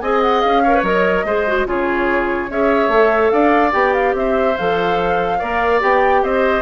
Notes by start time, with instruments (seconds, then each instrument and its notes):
0.00 bassoon C4, clarinet G#4, oboe D#5, flute G#5
0.21 flute F#5
0.41 bassoon C#4, flute F5
0.63 clarinet A#4, oboe C#5
0.74 clarinet B4
0.83 bassoon F#3, clarinet A#4, flute D#5
1.24 bassoon G#3, clarinet G#4, oboe C5
1.47 clarinet F#4
1.66 bassoon C#3, clarinet F4, oboe G#4, flute C#5
2.49 bassoon C#4, clarinet G#4, oboe C#5, flute E5
2.88 bassoon A3, clarinet A4
3.29 bassoon D4, oboe D5, flute F5
3.72 bassoon B3, clarinet G4, flute G5
3.94 flute F5
4.14 bassoon C4, oboe C5, flute E5
4.57 bassoon F3, clarinet A4, flute F5
5.38 bassoon A#3, clarinet A#4, oboe D5
5.80 bassoon B3, clarinet G4, flute G5
6.23 bassoon C4, oboe C5, flute D#5